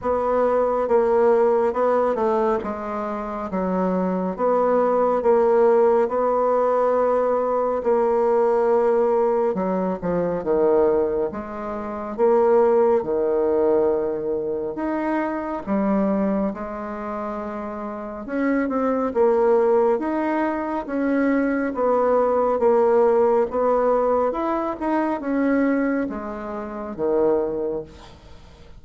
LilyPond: \new Staff \with { instrumentName = "bassoon" } { \time 4/4 \tempo 4 = 69 b4 ais4 b8 a8 gis4 | fis4 b4 ais4 b4~ | b4 ais2 fis8 f8 | dis4 gis4 ais4 dis4~ |
dis4 dis'4 g4 gis4~ | gis4 cis'8 c'8 ais4 dis'4 | cis'4 b4 ais4 b4 | e'8 dis'8 cis'4 gis4 dis4 | }